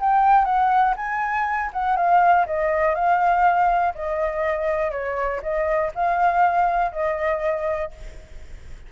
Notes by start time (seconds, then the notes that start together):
0.00 G5
0.45 F#5
0.96 G#5
1.73 F#5
1.96 F5
2.46 D#5
2.94 F5
3.95 D#5
4.91 C#5
5.42 D#5
5.95 F5
6.92 D#5